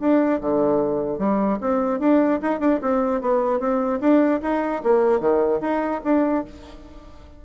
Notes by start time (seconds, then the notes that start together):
0.00 D4
0.41 D3
1.19 G3
1.61 C4
2.00 D4
2.42 D#4
2.60 D4
2.82 C4
3.21 B3
3.60 C4
4.00 D4
4.42 D#4
4.83 A#3
5.20 D#3
5.61 D#4
6.04 D4